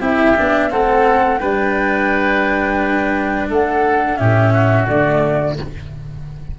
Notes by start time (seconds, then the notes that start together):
0.00 C4 E4 G4 E5
0.36 B3 D4
0.70 A3 C4 A4 F#5
1.38 G3 D4 B4 G5
3.49 A3 A4 F#5
4.17 A2 C#4 G4 E5
4.53 F#4
4.87 D3 A3 D5